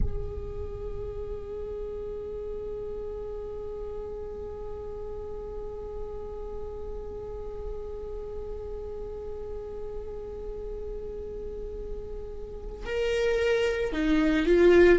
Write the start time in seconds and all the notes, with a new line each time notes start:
0.00 G#4
12.85 A#4
13.92 D#4
14.45 F4